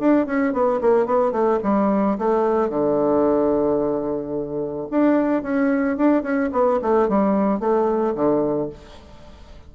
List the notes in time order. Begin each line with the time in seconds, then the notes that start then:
0.00 D4
0.27 C#4
0.53 B3
0.81 A#3
1.06 B3
1.32 A3
1.64 G3
2.18 A3
2.70 D3
4.91 D4
5.43 C#4
5.98 D4
6.23 C#4
6.53 B3
6.82 A3
7.09 G3
7.60 A3
8.15 D3